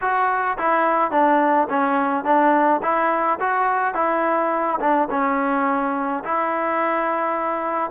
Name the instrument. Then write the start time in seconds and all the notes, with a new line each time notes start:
trombone
0.01 F#4
0.57 E4
1.11 D4
1.69 C#4
2.24 D4
2.82 E4
3.40 F#4
3.94 E4
4.80 D4
5.10 C#4
6.24 E4